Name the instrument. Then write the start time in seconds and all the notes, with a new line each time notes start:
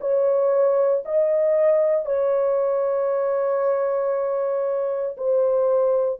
horn
0.00 C#5
1.04 D#5
2.05 C#5
5.17 C5